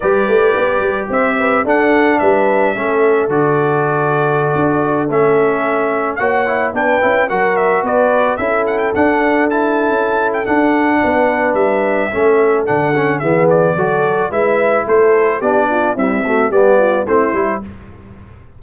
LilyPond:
<<
  \new Staff \with { instrumentName = "trumpet" } { \time 4/4 \tempo 4 = 109 d''2 e''4 fis''4 | e''2 d''2~ | d''4~ d''16 e''2 fis''8.~ | fis''16 g''4 fis''8 e''8 d''4 e''8 fis''16 |
g''16 fis''4 a''4. g''16 fis''4~ | fis''4 e''2 fis''4 | e''8 d''4. e''4 c''4 | d''4 e''4 d''4 c''4 | }
  \new Staff \with { instrumentName = "horn" } { \time 4/4 b'2 c''8 b'8 a'4 | b'4 a'2.~ | a'2.~ a'16 cis''8.~ | cis''16 b'4 ais'4 b'4 a'8.~ |
a'1 | b'2 a'2 | gis'4 a'4 b'4 a'4 | g'8 f'8 e'8 fis'8 g'8 f'8 e'4 | }
  \new Staff \with { instrumentName = "trombone" } { \time 4/4 g'2. d'4~ | d'4 cis'4 fis'2~ | fis'4~ fis'16 cis'2 fis'8 e'16~ | e'16 d'8 e'8 fis'2 e'8.~ |
e'16 d'4 e'4.~ e'16 d'4~ | d'2 cis'4 d'8 cis'8 | b4 fis'4 e'2 | d'4 g8 a8 b4 c'8 e'8 | }
  \new Staff \with { instrumentName = "tuba" } { \time 4/4 g8 a8 b8 g8 c'4 d'4 | g4 a4 d2~ | d16 d'4 a2 ais8.~ | ais16 b8 cis'8 fis4 b4 cis'8.~ |
cis'16 d'4.~ d'16 cis'4 d'4 | b4 g4 a4 d4 | e4 fis4 gis4 a4 | b4 c'4 g4 a8 g8 | }
>>